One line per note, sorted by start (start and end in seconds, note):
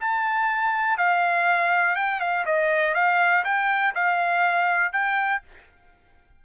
0.00 0.97 A5
0.97 1.95 F5
1.95 2.20 G5
2.20 2.44 F5
2.45 2.94 D#5
2.94 3.44 F5
3.44 3.94 G5
3.95 4.92 F5
4.92 5.42 G5